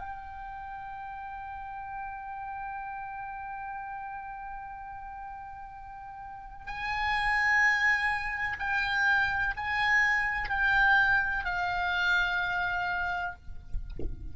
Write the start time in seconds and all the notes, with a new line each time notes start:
0.00 G5
6.67 G#5
8.60 G5
9.57 G#5
10.50 G5
11.45 F5